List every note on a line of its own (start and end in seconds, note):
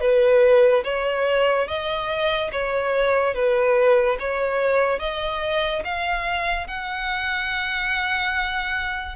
0.00 0.83 B4
0.84 1.67 C#5
1.67 2.50 D#5
2.52 3.34 C#5
3.34 4.17 B4
4.19 4.99 C#5
4.99 5.83 D#5
5.84 6.67 F5
6.67 9.16 F#5